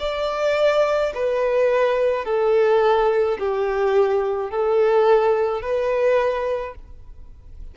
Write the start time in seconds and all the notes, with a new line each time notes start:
0.00 D5
1.15 B4
2.25 A4
3.39 G4
4.51 A4
5.61 B4